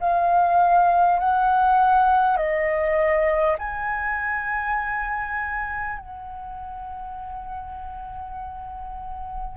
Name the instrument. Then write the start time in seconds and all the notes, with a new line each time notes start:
flute
0.00 F5
1.19 F#5
2.37 D#5
3.58 G#5
5.98 F#5